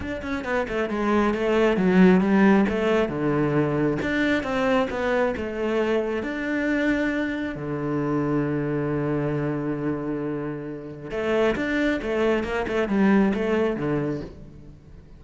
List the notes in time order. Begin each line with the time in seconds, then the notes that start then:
0.00 D4
0.22 C#4
0.44 B3
0.68 A3
0.89 G#3
1.34 A3
1.77 F#3
2.20 G3
2.68 A3
3.08 D3
4.01 D4
4.43 C4
4.89 B3
5.36 A3
6.22 D4
7.55 D3
11.10 A3
11.55 D4
12.02 A3
12.43 A#3
12.67 A3
12.88 G3
13.34 A3
13.76 D3